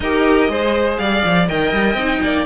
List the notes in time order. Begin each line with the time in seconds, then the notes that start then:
0.00 D#4 G4 A#4 D#5
0.48 G#3 G#4 C5
0.97 G3 D5 F5
1.24 F3
1.48 D#3 A#4 D#5 G5
1.72 G3
1.94 C4 D#4
2.23 A#3 D5